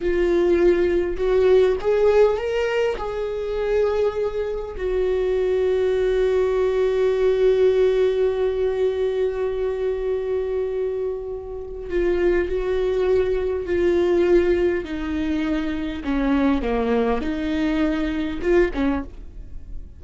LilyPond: \new Staff \with { instrumentName = "viola" } { \time 4/4 \tempo 4 = 101 f'2 fis'4 gis'4 | ais'4 gis'2. | fis'1~ | fis'1~ |
fis'1 | f'4 fis'2 f'4~ | f'4 dis'2 cis'4 | ais4 dis'2 f'8 cis'8 | }